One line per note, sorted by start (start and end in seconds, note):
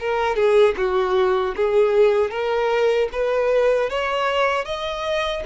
0.00 0.36 A#4
0.36 0.75 G#4
0.77 1.55 F#4
1.56 2.31 G#4
2.31 3.09 A#4
3.12 3.90 B4
3.90 4.65 C#5
4.65 5.43 D#5